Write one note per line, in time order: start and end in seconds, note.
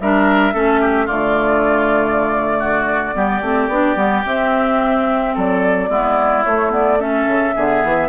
0.00 0.54 G3
0.00 0.53 D4
0.00 0.54 A#4
0.00 1.08 E5
0.53 1.09 A3
0.53 1.08 C#4
0.53 0.81 A4
0.81 1.06 G4
1.06 3.15 D3
1.06 3.14 A3
1.06 2.57 F4
1.06 4.24 D5
2.59 3.14 F#4
3.14 3.41 G3
3.14 3.41 B3
3.14 5.34 G4
3.41 3.68 A3
3.41 3.71 C4
3.68 3.96 B3
3.68 3.96 D4
3.96 4.24 G3
3.96 4.23 B3
4.26 5.89 C4
4.26 5.36 C4
4.26 5.36 E5
5.34 5.89 F#3
5.34 5.89 A4
5.34 6.44 D5
5.89 6.44 G#3
5.89 6.44 B3
5.89 6.99 E4
6.44 7.27 A3
6.44 6.70 A3
6.44 6.71 C#5
6.70 6.98 B3
6.70 7.00 D5
6.98 7.53 C#4
6.98 7.55 A4
6.98 8.08 E5
7.27 7.54 C#3
7.55 7.83 D3
7.55 8.08 B3
7.55 8.08 G#4
7.83 8.08 E3